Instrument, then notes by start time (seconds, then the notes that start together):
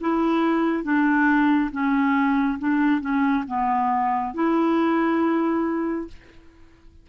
clarinet
0.00 E4
0.83 D4
1.71 C#4
2.58 D4
3.00 C#4
3.47 B3
4.34 E4